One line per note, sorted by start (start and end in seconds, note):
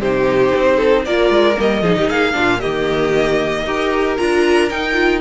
0.00 0.53 C3
0.00 1.07 D#4
0.00 0.77 G4
0.00 1.05 C5
0.55 1.06 C4
0.77 1.03 A4
1.05 1.30 A#3
1.05 1.54 F4
1.05 1.83 A#4
1.05 1.57 D5
1.30 1.56 G#3
1.54 1.82 G3
1.54 1.80 A#3
1.61 2.10 D#5
1.82 1.95 F3
1.82 2.32 D#4
1.82 1.96 G#4
1.95 2.08 D#3
1.95 2.08 G4
2.08 2.35 A#3
2.08 2.34 G#4
2.08 2.60 F5
2.32 2.63 A#2
2.32 2.58 D4
2.32 2.60 F4
2.60 3.65 D#3
2.60 3.66 A#3
2.60 3.64 G4
2.60 4.17 D#5
3.65 4.17 D#4
3.65 4.18 G4
3.65 5.21 A#4
4.17 4.71 D4
4.17 4.70 F4
4.17 4.69 A#5
4.70 4.93 D#4
4.70 5.21 D#4
4.70 5.21 G5
4.93 5.19 F4